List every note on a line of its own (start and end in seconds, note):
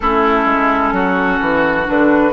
0.00 0.45 A3
0.00 1.85 C#4
0.00 0.94 E4
0.00 1.86 A4
0.45 0.92 G#3
0.92 1.39 F#3
0.92 2.32 F#4
1.40 1.87 E3
1.85 2.32 D3
1.85 2.32 D4
1.85 2.32 B4